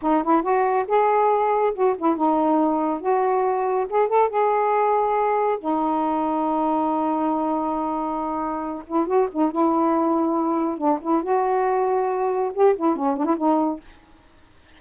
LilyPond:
\new Staff \with { instrumentName = "saxophone" } { \time 4/4 \tempo 4 = 139 dis'8 e'8 fis'4 gis'2 | fis'8 e'8 dis'2 fis'4~ | fis'4 gis'8 a'8 gis'2~ | gis'4 dis'2.~ |
dis'1~ | dis'8 e'8 fis'8 dis'8 e'2~ | e'4 d'8 e'8 fis'2~ | fis'4 g'8 e'8 cis'8 d'16 e'16 dis'4 | }